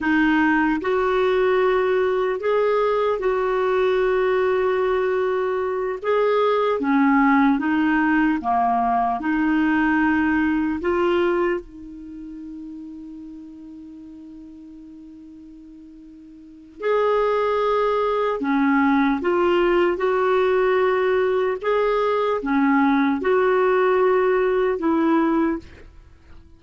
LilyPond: \new Staff \with { instrumentName = "clarinet" } { \time 4/4 \tempo 4 = 75 dis'4 fis'2 gis'4 | fis'2.~ fis'8 gis'8~ | gis'8 cis'4 dis'4 ais4 dis'8~ | dis'4. f'4 dis'4.~ |
dis'1~ | dis'4 gis'2 cis'4 | f'4 fis'2 gis'4 | cis'4 fis'2 e'4 | }